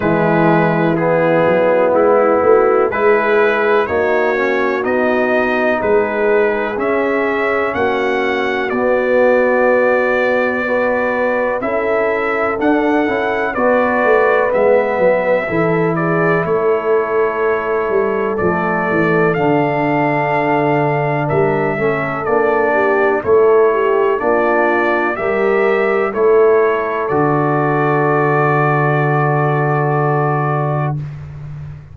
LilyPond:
<<
  \new Staff \with { instrumentName = "trumpet" } { \time 4/4 \tempo 4 = 62 b'4 gis'4 e'4 b'4 | cis''4 dis''4 b'4 e''4 | fis''4 d''2. | e''4 fis''4 d''4 e''4~ |
e''8 d''8 cis''2 d''4 | f''2 e''4 d''4 | cis''4 d''4 e''4 cis''4 | d''1 | }
  \new Staff \with { instrumentName = "horn" } { \time 4/4 e'2~ e'8 fis'8 gis'4 | fis'2 gis'2 | fis'2. b'4 | a'2 b'2 |
a'8 gis'8 a'2.~ | a'2 ais'8 a'4 g'8 | a'8 g'8 f'4 ais'4 a'4~ | a'1 | }
  \new Staff \with { instrumentName = "trombone" } { \time 4/4 gis4 b2 e'4 | dis'8 cis'8 dis'2 cis'4~ | cis'4 b2 fis'4 | e'4 d'8 e'8 fis'4 b4 |
e'2. a4 | d'2~ d'8 cis'8 d'4 | e'4 d'4 g'4 e'4 | fis'1 | }
  \new Staff \with { instrumentName = "tuba" } { \time 4/4 e4. fis8 gis8 a8 gis4 | ais4 b4 gis4 cis'4 | ais4 b2. | cis'4 d'8 cis'8 b8 a8 gis8 fis8 |
e4 a4. g8 f8 e8 | d2 g8 a8 ais4 | a4 ais4 g4 a4 | d1 | }
>>